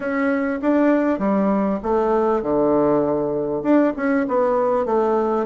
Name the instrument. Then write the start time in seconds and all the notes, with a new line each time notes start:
bassoon
0.00 C#4
0.61 D4
1.18 G3
1.82 A3
2.42 D3
3.62 D4
3.96 C#4
4.28 B3
4.85 A3